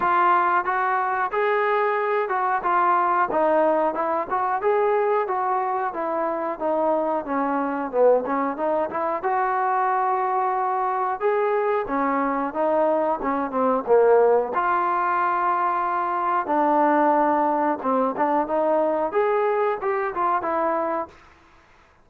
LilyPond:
\new Staff \with { instrumentName = "trombone" } { \time 4/4 \tempo 4 = 91 f'4 fis'4 gis'4. fis'8 | f'4 dis'4 e'8 fis'8 gis'4 | fis'4 e'4 dis'4 cis'4 | b8 cis'8 dis'8 e'8 fis'2~ |
fis'4 gis'4 cis'4 dis'4 | cis'8 c'8 ais4 f'2~ | f'4 d'2 c'8 d'8 | dis'4 gis'4 g'8 f'8 e'4 | }